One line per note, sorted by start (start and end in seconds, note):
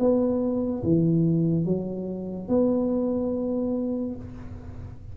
0.00 0.83 B3
0.84 1.66 E3
1.66 2.49 F#3
2.49 4.16 B3